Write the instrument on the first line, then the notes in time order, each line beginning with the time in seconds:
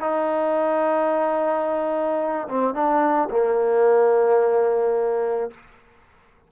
trombone
0.00 D#4
2.48 C4
2.74 D4
3.30 A#3